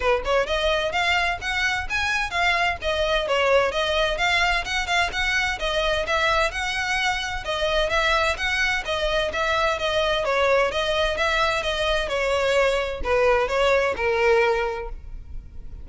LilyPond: \new Staff \with { instrumentName = "violin" } { \time 4/4 \tempo 4 = 129 b'8 cis''8 dis''4 f''4 fis''4 | gis''4 f''4 dis''4 cis''4 | dis''4 f''4 fis''8 f''8 fis''4 | dis''4 e''4 fis''2 |
dis''4 e''4 fis''4 dis''4 | e''4 dis''4 cis''4 dis''4 | e''4 dis''4 cis''2 | b'4 cis''4 ais'2 | }